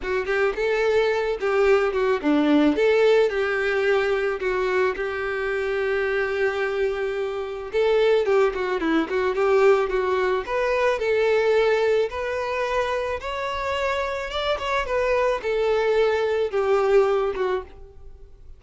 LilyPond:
\new Staff \with { instrumentName = "violin" } { \time 4/4 \tempo 4 = 109 fis'8 g'8 a'4. g'4 fis'8 | d'4 a'4 g'2 | fis'4 g'2.~ | g'2 a'4 g'8 fis'8 |
e'8 fis'8 g'4 fis'4 b'4 | a'2 b'2 | cis''2 d''8 cis''8 b'4 | a'2 g'4. fis'8 | }